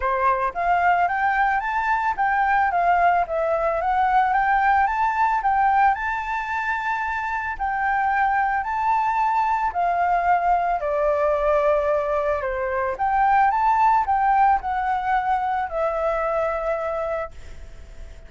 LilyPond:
\new Staff \with { instrumentName = "flute" } { \time 4/4 \tempo 4 = 111 c''4 f''4 g''4 a''4 | g''4 f''4 e''4 fis''4 | g''4 a''4 g''4 a''4~ | a''2 g''2 |
a''2 f''2 | d''2. c''4 | g''4 a''4 g''4 fis''4~ | fis''4 e''2. | }